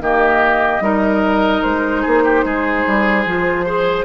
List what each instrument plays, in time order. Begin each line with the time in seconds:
0.00 bassoon D#3, clarinet A#3, oboe G4, flute D#5
0.80 bassoon G3, clarinet D#4, oboe A#4
1.62 bassoon G#3, flute C5
2.02 bassoon A#3, oboe G#4
2.24 oboe G4
2.44 bassoon G#3, oboe G#4
2.87 bassoon G3
3.25 bassoon F3, clarinet F4
3.66 clarinet G#4, oboe C5